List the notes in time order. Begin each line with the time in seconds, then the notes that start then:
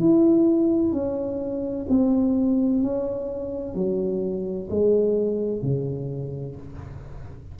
0.00 E4
0.92 C#4
1.89 C4
2.83 C#4
3.75 F#3
4.70 G#3
5.62 C#3